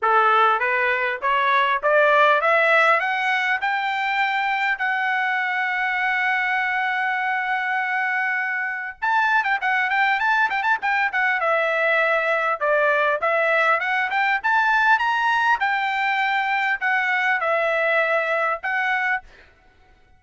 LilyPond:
\new Staff \with { instrumentName = "trumpet" } { \time 4/4 \tempo 4 = 100 a'4 b'4 cis''4 d''4 | e''4 fis''4 g''2 | fis''1~ | fis''2. a''8. g''16 |
fis''8 g''8 a''8 g''16 a''16 g''8 fis''8 e''4~ | e''4 d''4 e''4 fis''8 g''8 | a''4 ais''4 g''2 | fis''4 e''2 fis''4 | }